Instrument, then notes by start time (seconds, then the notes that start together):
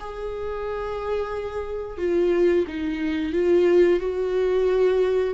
viola
0.00 G#4
1.98 F4
2.68 D#4
3.33 F4
4.00 F#4